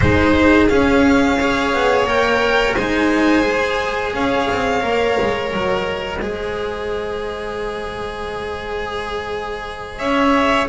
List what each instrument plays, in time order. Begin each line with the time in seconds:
0.00 double bass G#3, cello D#4, violin G#4 C5
0.68 cello C#4, double bass C#4, violin F5
1.39 cello G#4, violin C#5
1.73 double bass B3
2.05 double bass A#3, cello A#4, violin G5
2.75 double bass G#3, cello D#4, violin C5 G#5
3.42 cello G#4
4.13 double bass C#4, violin C#5 F5
4.50 double bass C4
4.80 double bass A#3, cello A#4
5.21 double bass G#3
5.51 double bass F#3, violin D#5
6.20 double bass G#3, cello G#4, violin C5
9.98 double bass C#4, violin C#5 E5